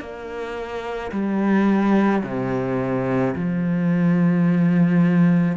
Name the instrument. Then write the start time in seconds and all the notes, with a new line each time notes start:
cello
0.00 A#3
1.12 G3
2.23 C3
3.35 F3